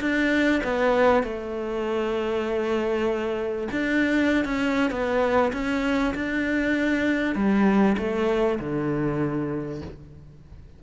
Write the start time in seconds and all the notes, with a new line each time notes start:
0.00 D4
0.63 B3
1.23 A3
3.71 D4
4.44 C#4
4.90 B3
5.53 C#4
6.14 D4
7.35 G3
7.97 A3
8.59 D3